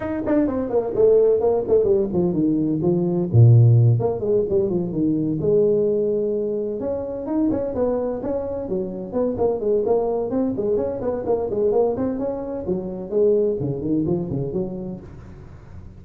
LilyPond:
\new Staff \with { instrumentName = "tuba" } { \time 4/4 \tempo 4 = 128 dis'8 d'8 c'8 ais8 a4 ais8 a8 | g8 f8 dis4 f4 ais,4~ | ais,8 ais8 gis8 g8 f8 dis4 gis8~ | gis2~ gis8 cis'4 dis'8 |
cis'8 b4 cis'4 fis4 b8 | ais8 gis8 ais4 c'8 gis8 cis'8 b8 | ais8 gis8 ais8 c'8 cis'4 fis4 | gis4 cis8 dis8 f8 cis8 fis4 | }